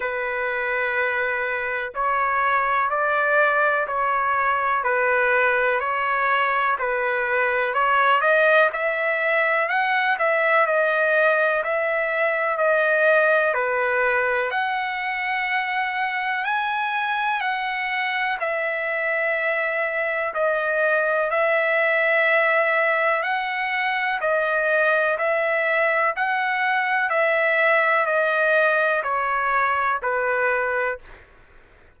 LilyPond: \new Staff \with { instrumentName = "trumpet" } { \time 4/4 \tempo 4 = 62 b'2 cis''4 d''4 | cis''4 b'4 cis''4 b'4 | cis''8 dis''8 e''4 fis''8 e''8 dis''4 | e''4 dis''4 b'4 fis''4~ |
fis''4 gis''4 fis''4 e''4~ | e''4 dis''4 e''2 | fis''4 dis''4 e''4 fis''4 | e''4 dis''4 cis''4 b'4 | }